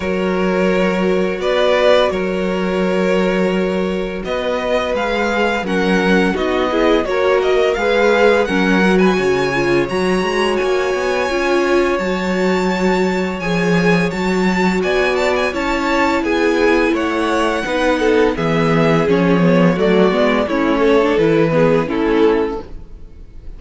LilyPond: <<
  \new Staff \with { instrumentName = "violin" } { \time 4/4 \tempo 4 = 85 cis''2 d''4 cis''4~ | cis''2 dis''4 f''4 | fis''4 dis''4 cis''8 dis''8 f''4 | fis''8. gis''4~ gis''16 ais''4 gis''4~ |
gis''4 a''2 gis''4 | a''4 gis''8 a''16 gis''16 a''4 gis''4 | fis''2 e''4 cis''4 | d''4 cis''4 b'4 a'4 | }
  \new Staff \with { instrumentName = "violin" } { \time 4/4 ais'2 b'4 ais'4~ | ais'2 b'2 | ais'4 fis'8 gis'8 ais'4 b'4 | ais'8. b'16 cis''2.~ |
cis''1~ | cis''4 d''4 cis''4 gis'4 | cis''4 b'8 a'8 gis'2 | fis'4 e'8 a'4 gis'8 e'4 | }
  \new Staff \with { instrumentName = "viola" } { \time 4/4 fis'1~ | fis'2. gis'4 | cis'4 dis'8 e'8 fis'4 gis'4 | cis'8 fis'4 f'8 fis'2 |
f'4 fis'2 gis'4 | fis'2 e'2~ | e'4 dis'4 b4 cis'8 b8 | a8 b8 cis'8. d'16 e'8 b8 cis'4 | }
  \new Staff \with { instrumentName = "cello" } { \time 4/4 fis2 b4 fis4~ | fis2 b4 gis4 | fis4 b4 ais4 gis4 | fis4 cis4 fis8 gis8 ais8 b8 |
cis'4 fis2 f4 | fis4 b4 cis'4 b4 | a4 b4 e4 f4 | fis8 gis8 a4 e4 a4 | }
>>